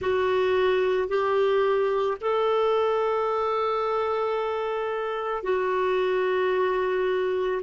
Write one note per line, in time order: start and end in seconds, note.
0.01 1.08 F#4
1.08 2.17 G4
2.21 5.43 A4
5.43 7.61 F#4